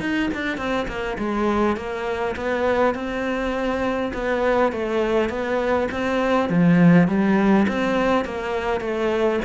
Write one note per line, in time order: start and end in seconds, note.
0.00 0.29 D#4
0.34 0.57 D4
0.57 0.87 C4
0.88 1.17 A#3
1.18 1.77 G#3
1.77 2.36 A#3
2.36 2.94 B3
2.94 4.12 C4
4.13 4.72 B3
4.72 5.29 A3
5.29 5.88 B3
5.91 6.49 C4
6.49 7.08 F3
7.08 7.67 G3
7.68 8.25 C4
8.25 8.81 A#3
8.81 9.40 A3